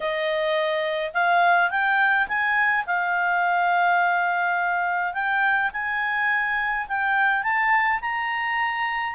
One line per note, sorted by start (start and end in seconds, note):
0.00 1.11 D#5
1.13 1.70 F5
1.70 2.27 G5
2.28 2.85 G#5
2.86 5.13 F5
5.13 5.70 G5
5.72 6.87 G#5
6.88 7.43 G5
7.43 8.00 A5
8.01 9.14 A#5